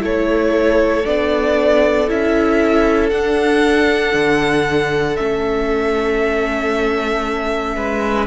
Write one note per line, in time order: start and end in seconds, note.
0.00 1.05 A3
0.00 1.03 E4
0.00 7.76 A4
0.00 1.06 C#5
1.05 2.11 B3
1.05 2.08 D4
1.05 2.10 D5
2.08 3.12 C#4
2.08 3.12 E4
2.08 3.10 E5
3.10 4.14 D4
3.10 5.17 D4
3.10 5.17 F#5
4.14 5.18 D3
5.17 7.76 A3
5.17 8.28 C#4
5.17 8.27 E5
7.76 8.28 G#3
7.76 8.28 B4